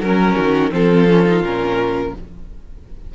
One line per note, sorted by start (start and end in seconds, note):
0.00 0.35 F#3
0.00 0.71 C#4
0.00 0.72 A#4
0.00 0.35 A#4
0.35 0.72 D#3
0.35 0.71 F#4
0.71 1.42 F3
0.71 1.06 C4
0.71 2.14 F4
0.71 1.44 A4
1.09 1.26 C#4
1.26 1.43 D#4
1.42 2.13 A#2
1.42 2.14 C#4
1.42 2.15 A#4